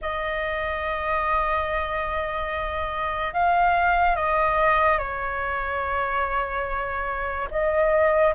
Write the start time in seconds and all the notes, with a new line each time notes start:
0.01 D#5
3.33 F5
4.16 D#5
4.98 C#5
7.50 D#5